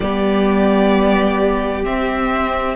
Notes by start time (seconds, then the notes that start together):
0.00 G3 B3 G4 D5
1.84 C4 E5